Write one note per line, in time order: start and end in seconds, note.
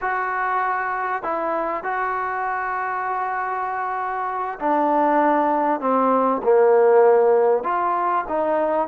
0.01 1.22 F#4
1.22 1.83 E4
1.83 4.59 F#4
4.59 5.80 D4
5.80 6.41 C4
6.43 7.63 A#3
7.63 8.25 F4
8.28 8.88 D#4